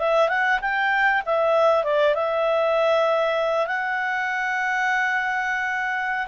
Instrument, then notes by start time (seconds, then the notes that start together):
clarinet
0.00 E5
0.29 F#5
0.62 G5
1.26 E5
1.85 D5
2.15 E5
3.67 F#5